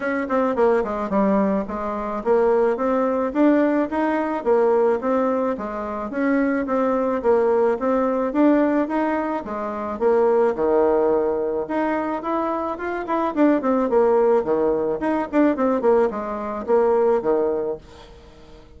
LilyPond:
\new Staff \with { instrumentName = "bassoon" } { \time 4/4 \tempo 4 = 108 cis'8 c'8 ais8 gis8 g4 gis4 | ais4 c'4 d'4 dis'4 | ais4 c'4 gis4 cis'4 | c'4 ais4 c'4 d'4 |
dis'4 gis4 ais4 dis4~ | dis4 dis'4 e'4 f'8 e'8 | d'8 c'8 ais4 dis4 dis'8 d'8 | c'8 ais8 gis4 ais4 dis4 | }